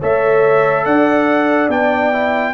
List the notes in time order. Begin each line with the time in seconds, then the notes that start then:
0.00 A3 A4 C#5 E5
0.85 D4 D5 F#5
1.69 B3 D4 G5
2.12 E4